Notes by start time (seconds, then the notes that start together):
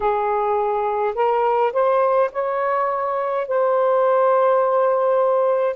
0.00 G#4
1.14 A#4
1.73 C5
2.32 C#5
3.47 C5